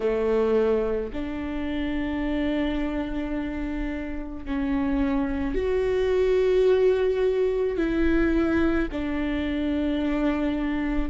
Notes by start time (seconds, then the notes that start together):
0.00 A3
1.13 D4
4.44 C#4
5.55 F#4
7.77 E4
8.91 D4